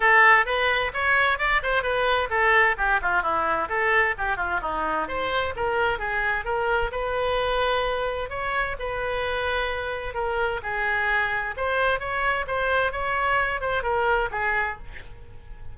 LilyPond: \new Staff \with { instrumentName = "oboe" } { \time 4/4 \tempo 4 = 130 a'4 b'4 cis''4 d''8 c''8 | b'4 a'4 g'8 f'8 e'4 | a'4 g'8 f'8 dis'4 c''4 | ais'4 gis'4 ais'4 b'4~ |
b'2 cis''4 b'4~ | b'2 ais'4 gis'4~ | gis'4 c''4 cis''4 c''4 | cis''4. c''8 ais'4 gis'4 | }